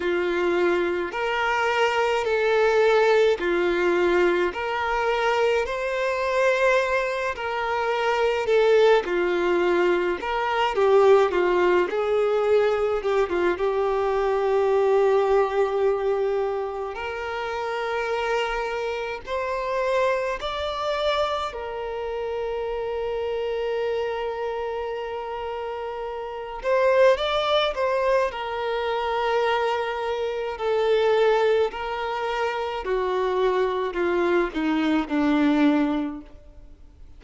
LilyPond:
\new Staff \with { instrumentName = "violin" } { \time 4/4 \tempo 4 = 53 f'4 ais'4 a'4 f'4 | ais'4 c''4. ais'4 a'8 | f'4 ais'8 g'8 f'8 gis'4 g'16 f'16 | g'2. ais'4~ |
ais'4 c''4 d''4 ais'4~ | ais'2.~ ais'8 c''8 | d''8 c''8 ais'2 a'4 | ais'4 fis'4 f'8 dis'8 d'4 | }